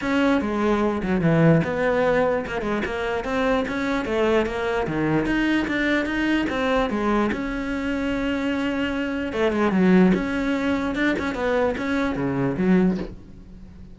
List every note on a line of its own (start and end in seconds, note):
0.01 0.41 C#4
0.41 1.02 G#3
1.02 1.21 F#3
1.21 1.61 E3
1.64 2.45 B3
2.46 2.61 A#3
2.61 2.82 G#3
2.85 3.24 A#3
3.24 3.64 C4
3.67 4.05 C#4
4.05 4.45 A3
4.46 4.86 A#3
4.87 5.26 D#3
5.26 5.66 D#4
5.67 6.05 D4
6.05 6.46 D#4
6.49 6.90 C4
6.90 7.30 G#3
7.32 9.32 C#4
9.32 9.52 A3
9.52 9.71 G#3
9.71 10.12 F#3
10.14 10.95 C#4
10.95 11.15 D4
11.18 11.34 C#4
11.34 11.75 B3
11.77 12.15 C#4
12.15 12.56 C#3
12.57 12.97 F#3